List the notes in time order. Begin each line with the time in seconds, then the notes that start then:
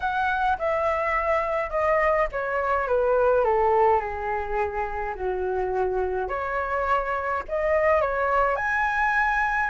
0.00 F#5
0.58 E5
1.70 D#5
2.31 C#5
2.87 B4
3.44 A4
4.00 G#4
5.15 F#4
6.28 C#5
7.48 D#5
8.01 C#5
8.56 G#5